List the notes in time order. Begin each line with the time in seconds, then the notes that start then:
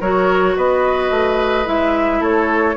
0.00 F#3 F#4 A#4 C#5
0.56 B3 B4 D#5
1.10 A3
1.65 G#3 E4 E5
2.20 A3 A4 C#5